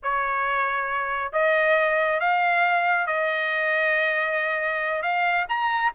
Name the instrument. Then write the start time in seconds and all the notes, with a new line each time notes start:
trumpet
0.02 C#5
1.32 D#5
2.20 F5
3.06 D#5
5.02 F5
5.48 A#5